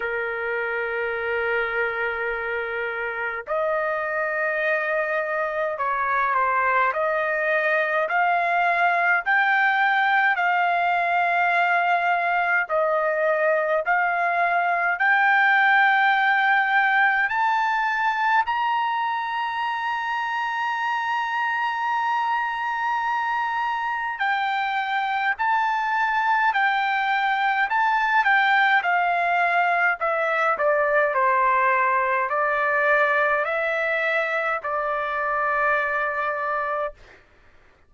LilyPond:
\new Staff \with { instrumentName = "trumpet" } { \time 4/4 \tempo 4 = 52 ais'2. dis''4~ | dis''4 cis''8 c''8 dis''4 f''4 | g''4 f''2 dis''4 | f''4 g''2 a''4 |
ais''1~ | ais''4 g''4 a''4 g''4 | a''8 g''8 f''4 e''8 d''8 c''4 | d''4 e''4 d''2 | }